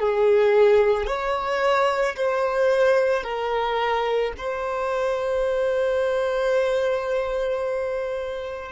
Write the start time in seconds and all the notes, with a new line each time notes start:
0.00 G#4
1.07 C#5
2.17 C5
3.24 A#4
4.38 C5